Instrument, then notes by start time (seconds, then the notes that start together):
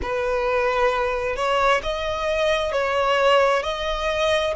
violin
0.02 B4
1.36 C#5
1.82 D#5
2.71 C#5
3.62 D#5